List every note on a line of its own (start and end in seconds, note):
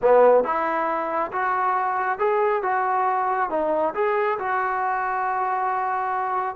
0.02 0.44 B3
0.44 1.31 E4
1.32 2.18 F#4
2.18 2.62 G#4
2.62 3.50 F#4
3.50 3.93 D#4
3.94 4.38 G#4
4.38 6.55 F#4